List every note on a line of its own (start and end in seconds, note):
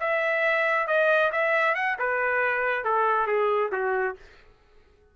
0.00 0.88 E5
0.88 1.31 D#5
1.32 1.75 E5
1.75 1.97 F#5
1.99 2.85 B4
2.85 3.27 A4
3.27 3.71 G#4
3.72 4.16 F#4